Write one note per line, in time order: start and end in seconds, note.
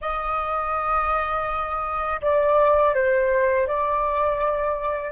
0.01 2.20 D#5
2.21 2.94 D5
2.94 3.67 C5
3.67 5.11 D5